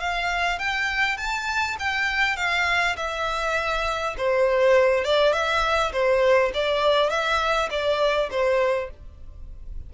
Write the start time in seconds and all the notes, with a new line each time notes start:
0.00 F5
0.59 G5
1.17 A5
1.79 G5
2.37 F5
2.96 E5
4.18 C5
5.05 D5
5.33 E5
5.92 C5
6.54 D5
7.10 E5
7.70 D5
8.31 C5